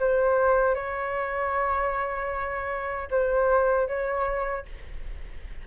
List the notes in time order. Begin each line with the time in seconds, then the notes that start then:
0.00 C5
0.75 C#5
3.11 C5
3.88 C#5